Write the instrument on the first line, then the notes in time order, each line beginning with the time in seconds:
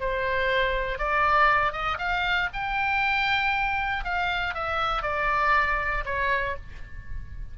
oboe
0.00 C5
0.98 D5
1.72 D#5
1.99 F5
2.53 G5
4.04 F5
4.54 E5
5.02 D5
6.05 C#5